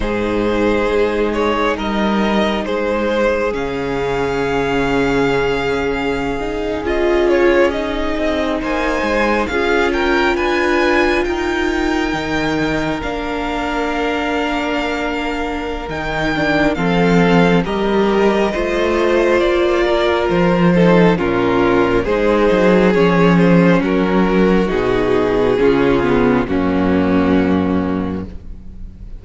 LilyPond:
<<
  \new Staff \with { instrumentName = "violin" } { \time 4/4 \tempo 4 = 68 c''4. cis''8 dis''4 c''4 | f''2.~ f''8. dis''16~ | dis''16 cis''8 dis''4 gis''4 f''8 g''8 gis''16~ | gis''8. g''2 f''4~ f''16~ |
f''2 g''4 f''4 | dis''2 d''4 c''4 | ais'4 c''4 cis''8 c''8 ais'4 | gis'2 fis'2 | }
  \new Staff \with { instrumentName = "violin" } { \time 4/4 gis'2 ais'4 gis'4~ | gis'1~ | gis'4.~ gis'16 c''4 gis'8 ais'8 b'16~ | b'8. ais'2.~ ais'16~ |
ais'2. a'4 | ais'4 c''4. ais'4 a'8 | f'4 gis'2 fis'4~ | fis'4 f'4 cis'2 | }
  \new Staff \with { instrumentName = "viola" } { \time 4/4 dis'1 | cis'2.~ cis'16 dis'8 f'16~ | f'8. dis'2 f'4~ f'16~ | f'4.~ f'16 dis'4 d'4~ d'16~ |
d'2 dis'8 d'8 c'4 | g'4 f'2~ f'8 dis'8 | cis'4 dis'4 cis'2 | dis'4 cis'8 b8 ais2 | }
  \new Staff \with { instrumentName = "cello" } { \time 4/4 gis,4 gis4 g4 gis4 | cis2.~ cis8. cis'16~ | cis'4~ cis'16 c'8 ais8 gis8 cis'4 d'16~ | d'8. dis'4 dis4 ais4~ ais16~ |
ais2 dis4 f4 | g4 a4 ais4 f4 | ais,4 gis8 fis8 f4 fis4 | b,4 cis4 fis,2 | }
>>